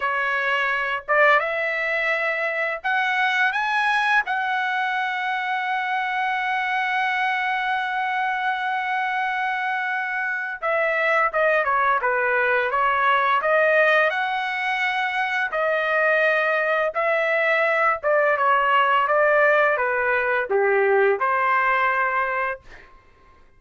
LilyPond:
\new Staff \with { instrumentName = "trumpet" } { \time 4/4 \tempo 4 = 85 cis''4. d''8 e''2 | fis''4 gis''4 fis''2~ | fis''1~ | fis''2. e''4 |
dis''8 cis''8 b'4 cis''4 dis''4 | fis''2 dis''2 | e''4. d''8 cis''4 d''4 | b'4 g'4 c''2 | }